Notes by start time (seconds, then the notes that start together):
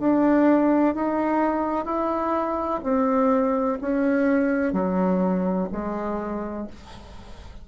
0.00 D4
0.95 D#4
1.86 E4
2.84 C4
3.81 C#4
4.74 F#3
5.72 G#3